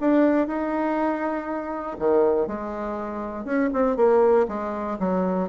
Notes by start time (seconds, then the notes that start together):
0.00 D4
0.47 D#4
1.98 D#3
2.47 G#3
3.44 C#4
3.73 C4
3.96 A#3
4.47 G#3
4.99 F#3